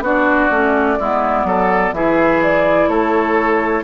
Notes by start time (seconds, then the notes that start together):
0.00 B3 D4 F#4
0.06 D5
0.51 A3 C#4
0.99 G#3 B3 E4
1.44 F#3 A4
1.93 E3 E4 G#4 E5
2.43 D5
2.88 A3 A4 C#5